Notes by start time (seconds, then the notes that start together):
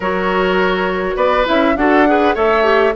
0.00 F#3 F#4 A#4 C#5
1.16 B3 B4 D5
1.45 C#4 E4 E5
1.75 D4 F#4 A4 F#5
2.06 G#4 B4
2.34 A3 A4 C#5 E5
2.63 G4